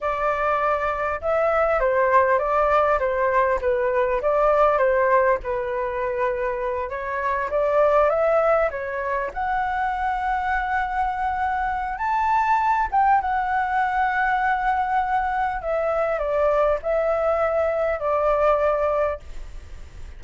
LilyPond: \new Staff \with { instrumentName = "flute" } { \time 4/4 \tempo 4 = 100 d''2 e''4 c''4 | d''4 c''4 b'4 d''4 | c''4 b'2~ b'8 cis''8~ | cis''8 d''4 e''4 cis''4 fis''8~ |
fis''1 | a''4. g''8 fis''2~ | fis''2 e''4 d''4 | e''2 d''2 | }